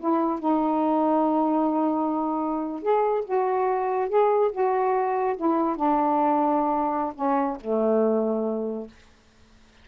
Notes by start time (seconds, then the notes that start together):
0.00 E4
0.40 D#4
2.83 G#4
3.25 F#4
4.09 G#4
4.52 F#4
5.37 E4
5.76 D4
7.15 C#4
7.61 A3